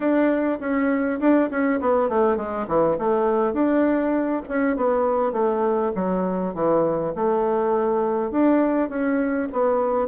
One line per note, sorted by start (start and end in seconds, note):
0.00 0.59 D4
0.60 1.19 C#4
1.20 1.49 D4
1.50 1.80 C#4
1.80 2.09 B3
2.09 2.36 A3
2.36 2.66 G#3
2.67 2.97 E3
2.98 3.53 A3
3.53 4.42 D4
4.48 4.76 C#4
4.76 5.32 B3
5.32 5.91 A3
5.95 6.54 F#3
6.54 7.13 E3
7.15 8.31 A3
8.31 8.89 D4
8.89 9.48 C#4
9.52 10.08 B3